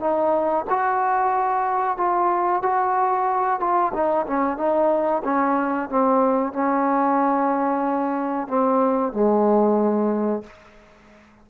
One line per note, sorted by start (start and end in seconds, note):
0.00 0.65 D#4
0.70 1.97 F#4
1.97 2.62 F4
2.62 3.60 F#4
3.60 3.92 F4
3.93 4.26 D#4
4.27 4.57 C#4
4.57 5.22 D#4
5.24 5.89 C#4
5.89 6.53 C4
6.53 8.48 C#4
8.48 9.13 C4
9.13 10.43 G#3